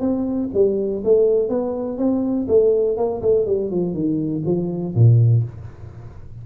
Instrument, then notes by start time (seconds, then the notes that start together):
tuba
0.00 C4
0.54 G3
1.04 A3
1.49 B3
1.98 C4
2.48 A3
2.97 A#3
3.22 A3
3.46 G3
3.70 F3
3.94 D#3
4.46 F3
4.95 A#2